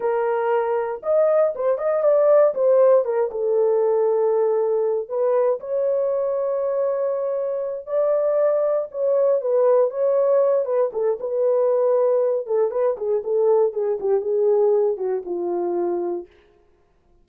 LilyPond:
\new Staff \with { instrumentName = "horn" } { \time 4/4 \tempo 4 = 118 ais'2 dis''4 c''8 dis''8 | d''4 c''4 ais'8 a'4.~ | a'2 b'4 cis''4~ | cis''2.~ cis''8 d''8~ |
d''4. cis''4 b'4 cis''8~ | cis''4 b'8 a'8 b'2~ | b'8 a'8 b'8 gis'8 a'4 gis'8 g'8 | gis'4. fis'8 f'2 | }